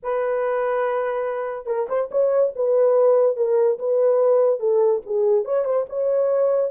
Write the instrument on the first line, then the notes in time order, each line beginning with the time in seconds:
horn
0.02 B4
1.66 A#4
1.88 C5
2.11 C#5
2.55 B4
3.36 A#4
3.78 B4
4.59 A4
5.05 G#4
5.44 C#5
5.64 C5
5.89 C#5